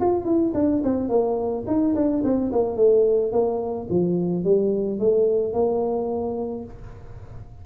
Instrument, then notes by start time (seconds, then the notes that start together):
tuba
0.00 F4
0.24 E4
0.54 D4
0.84 C4
1.08 A#3
1.66 D#4
1.95 D4
2.24 C4
2.52 A#3
2.76 A3
3.32 A#3
3.89 F3
4.44 G3
4.99 A3
5.53 A#3